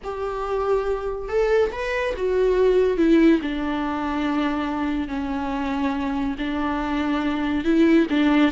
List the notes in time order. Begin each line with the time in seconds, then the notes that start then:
0.03 G4
1.28 A4
1.71 B4
2.16 F#4
2.97 E4
3.41 D4
5.08 C#4
6.38 D4
7.64 E4
8.10 D4